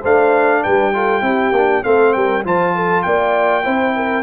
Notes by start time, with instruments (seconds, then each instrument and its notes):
0.00 tuba A3, trombone D4, horn C5, trumpet F5
0.63 tuba G3, horn B4, trumpet G5
0.94 trombone F4, horn A4
1.22 tuba C4, trombone E4, horn G4
1.52 tuba A#3, trombone D4
1.84 tuba A3, trombone C4, horn A4, trumpet F5
2.13 tuba G3, horn A#4, trumpet G5
2.44 tuba F3, trombone F4, horn C5, trumpet A5
2.75 horn A4
3.02 tuba A#3, horn D5, trumpet G5
3.64 tuba C4, trombone E4, horn C5
3.96 horn A#4